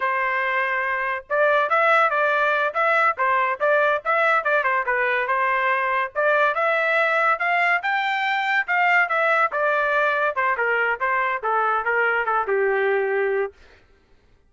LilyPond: \new Staff \with { instrumentName = "trumpet" } { \time 4/4 \tempo 4 = 142 c''2. d''4 | e''4 d''4. e''4 c''8~ | c''8 d''4 e''4 d''8 c''8 b'8~ | b'8 c''2 d''4 e''8~ |
e''4. f''4 g''4.~ | g''8 f''4 e''4 d''4.~ | d''8 c''8 ais'4 c''4 a'4 | ais'4 a'8 g'2~ g'8 | }